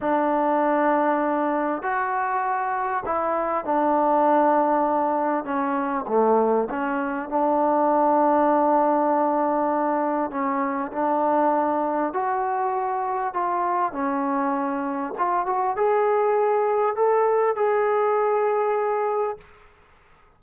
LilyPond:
\new Staff \with { instrumentName = "trombone" } { \time 4/4 \tempo 4 = 99 d'2. fis'4~ | fis'4 e'4 d'2~ | d'4 cis'4 a4 cis'4 | d'1~ |
d'4 cis'4 d'2 | fis'2 f'4 cis'4~ | cis'4 f'8 fis'8 gis'2 | a'4 gis'2. | }